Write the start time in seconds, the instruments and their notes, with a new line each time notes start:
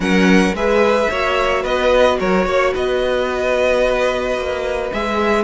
0.00 cello F#3, viola C#4, violin A#4 F#5
0.53 cello G#3, viola G#4, violin B4 E5
1.10 cello A#3, viola F#4, violin C#5
1.62 cello B3, violin B4 D#5
2.19 cello F#3, violin A#4 C#5
2.46 cello A#3, violin C#5
2.73 cello B3, violin B4 D#5
4.36 cello A#3
4.92 cello G#3, viola G#4, violin E5